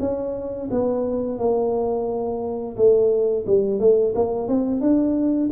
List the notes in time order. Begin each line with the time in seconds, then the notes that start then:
0.00 C#4
0.71 B3
1.38 A#3
2.76 A3
3.46 G3
3.79 A3
4.15 A#3
4.48 C4
4.81 D4